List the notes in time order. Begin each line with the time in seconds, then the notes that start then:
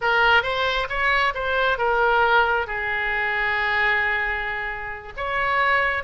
0.01 A#4
0.42 C5
0.89 C#5
1.34 C5
1.78 A#4
2.66 G#4
5.16 C#5